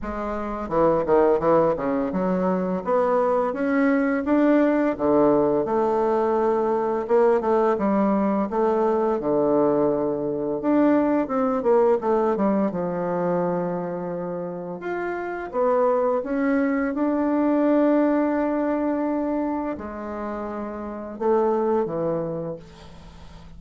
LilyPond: \new Staff \with { instrumentName = "bassoon" } { \time 4/4 \tempo 4 = 85 gis4 e8 dis8 e8 cis8 fis4 | b4 cis'4 d'4 d4 | a2 ais8 a8 g4 | a4 d2 d'4 |
c'8 ais8 a8 g8 f2~ | f4 f'4 b4 cis'4 | d'1 | gis2 a4 e4 | }